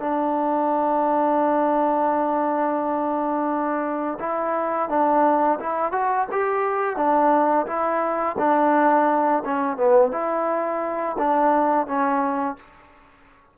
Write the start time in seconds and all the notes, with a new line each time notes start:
0.00 D4
4.20 E4
4.89 D4
5.59 E4
5.92 F#4
6.32 G4
6.96 D4
7.66 E4
8.38 D4
9.45 C#4
9.77 B3
10.12 E4
11.19 D4
11.87 C#4